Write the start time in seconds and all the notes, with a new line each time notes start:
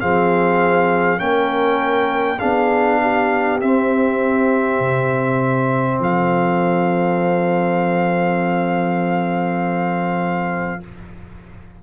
0.00 F3 C4 G#4 F5
1.18 A#3 C#4 A#4 G5
2.39 B3 D4 G#4 F5
3.02 G4
3.60 C4 E5
4.79 C3
6.00 F3 A4 F5